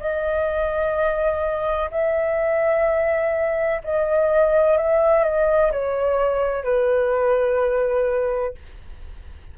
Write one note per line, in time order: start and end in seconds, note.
0.00 1.90 D#5
1.91 3.81 E5
3.84 4.77 D#5
4.77 5.24 E5
5.24 5.71 D#5
5.72 6.64 C#5
6.64 8.55 B4